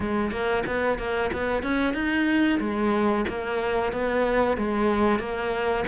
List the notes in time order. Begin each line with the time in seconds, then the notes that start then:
0.00 G#3
0.31 A#3
0.66 B3
0.98 A#3
1.32 B3
1.62 C#4
1.94 D#4
2.60 G#3
3.28 A#3
3.92 B3
4.57 G#3
5.19 A#3